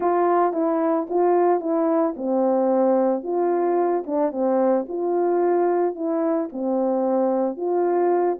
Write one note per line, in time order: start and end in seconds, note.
0.00 0.53 F4
0.53 1.07 E4
1.09 1.60 F4
1.60 2.14 E4
2.16 3.23 C4
3.23 4.04 F4
4.06 4.31 D4
4.31 4.85 C4
4.88 5.95 F4
5.95 6.49 E4
6.52 7.57 C4
7.57 8.38 F4